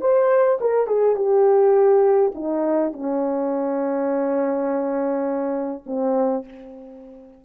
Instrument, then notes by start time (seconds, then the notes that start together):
horn
0.00 C5
0.60 A#4
0.86 G#4
1.15 G4
2.34 D#4
2.92 C#4
5.86 C4